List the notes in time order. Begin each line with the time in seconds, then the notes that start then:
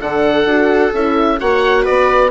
0.00 D3 D4 A4 F#5
0.45 D4 F#4
0.93 C#4 E4 E5
1.39 A#3 F#4 C#5 F#5
1.82 B3 B4 D5